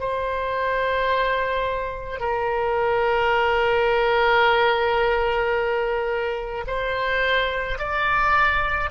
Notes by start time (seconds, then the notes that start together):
0.00 C5
2.20 A#4
6.67 C5
7.79 D5